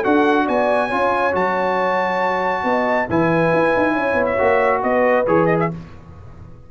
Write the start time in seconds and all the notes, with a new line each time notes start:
0.00 D4 F#4 A4 F#5
0.44 B3 D5 G#5
0.87 C#4 F4 C#5
1.32 F#3 F#4 A5
2.63 B3 D#5
3.09 E3 E4 B4 G#5
3.53 E4
3.76 D#4
3.93 C#4 C#5
4.14 B3
4.25 E5
4.37 A#3 F#4
4.82 B3 B4 D#5
5.27 E3 G#4 C#5
5.45 D#5
5.59 E5